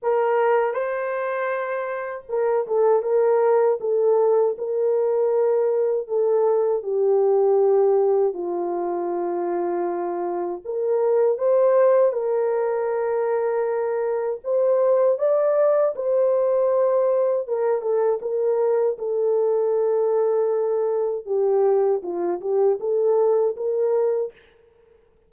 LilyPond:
\new Staff \with { instrumentName = "horn" } { \time 4/4 \tempo 4 = 79 ais'4 c''2 ais'8 a'8 | ais'4 a'4 ais'2 | a'4 g'2 f'4~ | f'2 ais'4 c''4 |
ais'2. c''4 | d''4 c''2 ais'8 a'8 | ais'4 a'2. | g'4 f'8 g'8 a'4 ais'4 | }